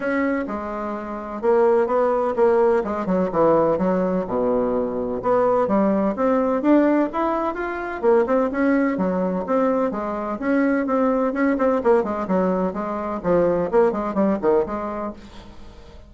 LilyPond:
\new Staff \with { instrumentName = "bassoon" } { \time 4/4 \tempo 4 = 127 cis'4 gis2 ais4 | b4 ais4 gis8 fis8 e4 | fis4 b,2 b4 | g4 c'4 d'4 e'4 |
f'4 ais8 c'8 cis'4 fis4 | c'4 gis4 cis'4 c'4 | cis'8 c'8 ais8 gis8 fis4 gis4 | f4 ais8 gis8 g8 dis8 gis4 | }